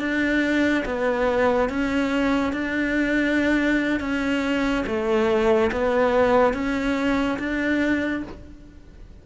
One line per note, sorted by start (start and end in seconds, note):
0.00 0.85 D4
0.86 1.70 B3
1.70 2.53 C#4
2.53 4.00 D4
4.00 4.85 C#4
4.87 5.72 A3
5.72 6.54 B3
6.54 7.39 C#4
7.39 8.24 D4